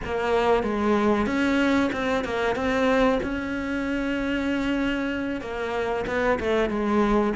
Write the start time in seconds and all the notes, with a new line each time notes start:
0.04 A#3
0.63 G#3
1.26 C#4
1.92 C4
2.24 A#3
2.55 C4
3.22 C#4
5.41 A#3
6.06 B3
6.39 A3
6.69 G#3